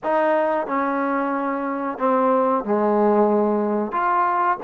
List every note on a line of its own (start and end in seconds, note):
0.03 0.67 D#4
0.67 1.98 C#4
1.98 2.64 C4
2.64 3.92 G#3
3.92 4.58 F4